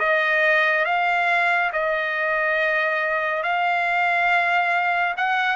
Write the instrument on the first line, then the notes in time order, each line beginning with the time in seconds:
trumpet
0.00 D#5
0.86 F5
1.73 D#5
3.44 F5
5.18 F#5